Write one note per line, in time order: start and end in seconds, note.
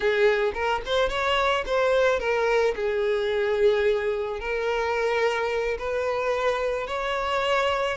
0.00 0.52 G#4
0.54 0.81 A#4
0.85 1.09 C5
1.09 1.64 C#5
1.65 2.19 C5
2.19 2.74 A#4
2.75 4.39 G#4
4.39 5.77 A#4
5.78 6.87 B4
6.87 7.97 C#5